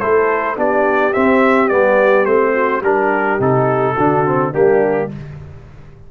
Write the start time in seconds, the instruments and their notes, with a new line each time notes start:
0.00 tuba A3, trombone E4, horn A4, trumpet C5
0.57 tuba B3, trombone D4, horn G4, trumpet D5
1.14 trombone C4, tuba C4, trumpet E5
1.69 tuba G3, trombone B3, trumpet D5
2.26 tuba A3, trombone C4, trumpet C5
2.54 horn F#4
2.82 tuba G3, trombone D4, horn G4, trumpet A#4
3.40 tuba C3, trombone D#4, trumpet A4
3.95 tuba D3, trombone D4, horn F#4
4.26 trombone C4
4.52 tuba G3, trombone A#3, horn D4, trumpet G4